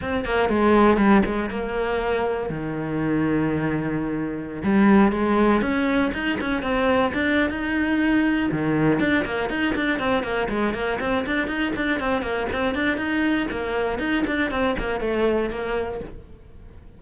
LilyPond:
\new Staff \with { instrumentName = "cello" } { \time 4/4 \tempo 4 = 120 c'8 ais8 gis4 g8 gis8 ais4~ | ais4 dis2.~ | dis4~ dis16 g4 gis4 cis'8.~ | cis'16 dis'8 cis'8 c'4 d'8. dis'4~ |
dis'4 dis4 d'8 ais8 dis'8 d'8 | c'8 ais8 gis8 ais8 c'8 d'8 dis'8 d'8 | c'8 ais8 c'8 d'8 dis'4 ais4 | dis'8 d'8 c'8 ais8 a4 ais4 | }